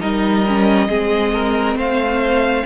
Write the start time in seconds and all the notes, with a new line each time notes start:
0.00 G3 D#4 A#4 D#5
0.48 C#4
0.89 G#3 C4 G#4
1.33 A#4
1.75 A3 C5 F5